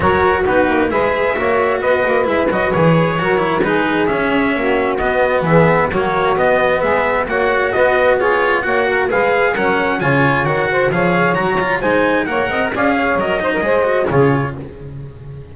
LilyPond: <<
  \new Staff \with { instrumentName = "trumpet" } { \time 4/4 \tempo 4 = 132 cis''4 b'4 e''2 | dis''4 e''8 dis''8 cis''2 | b'4 e''2 dis''4 | e''4 cis''4 dis''4 e''4 |
fis''4 dis''4 cis''4 fis''4 | f''4 fis''4 gis''4 fis''4 | f''4 ais''4 gis''4 fis''4 | f''4 dis''2 cis''4 | }
  \new Staff \with { instrumentName = "saxophone" } { \time 4/4 ais'4 fis'4 b'4 cis''4 | b'2. ais'4 | gis'2 fis'2 | gis'4 fis'2 gis'4 |
cis''4 b'4 gis'4 cis''8 ais'8 | b'4 ais'4 cis''4. c''8 | cis''2 c''4 cis''8 dis''8 | d''8 cis''4 c''16 ais'16 c''4 gis'4 | }
  \new Staff \with { instrumentName = "cello" } { \time 4/4 fis'4 dis'4 gis'4 fis'4~ | fis'4 e'8 fis'8 gis'4 fis'8 e'8 | dis'4 cis'2 b4~ | b4 ais4 b2 |
fis'2 f'4 fis'4 | gis'4 cis'4 f'4 fis'4 | gis'4 fis'8 f'8 dis'4 ais'4 | gis'4 ais'8 dis'8 gis'8 fis'8 f'4 | }
  \new Staff \with { instrumentName = "double bass" } { \time 4/4 fis4 b8 ais8 gis4 ais4 | b8 ais8 gis8 fis8 e4 fis4 | gis4 cis'4 ais4 b4 | e4 fis4 b4 gis4 |
ais4 b2 ais4 | gis4 fis4 cis4 dis4 | f4 fis4 gis4 ais8 c'8 | cis'4 fis4 gis4 cis4 | }
>>